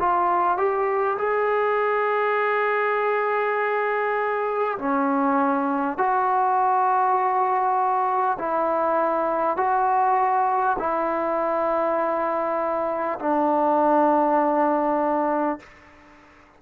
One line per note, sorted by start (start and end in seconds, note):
0.00 0.58 F4
0.58 1.18 G4
1.18 4.78 G#4
4.79 5.98 C#4
5.98 8.38 F#4
8.39 9.57 E4
9.57 10.77 F#4
10.79 13.19 E4
13.20 15.60 D4